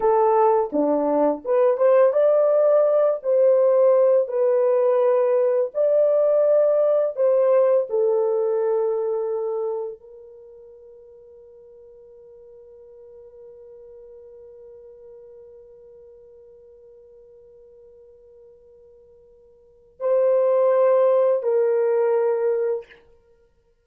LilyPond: \new Staff \with { instrumentName = "horn" } { \time 4/4 \tempo 4 = 84 a'4 d'4 b'8 c''8 d''4~ | d''8 c''4. b'2 | d''2 c''4 a'4~ | a'2 ais'2~ |
ais'1~ | ais'1~ | ais'1 | c''2 ais'2 | }